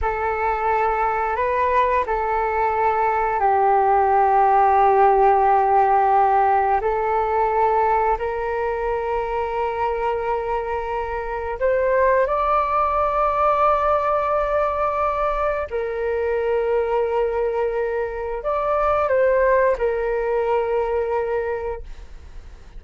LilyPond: \new Staff \with { instrumentName = "flute" } { \time 4/4 \tempo 4 = 88 a'2 b'4 a'4~ | a'4 g'2.~ | g'2 a'2 | ais'1~ |
ais'4 c''4 d''2~ | d''2. ais'4~ | ais'2. d''4 | c''4 ais'2. | }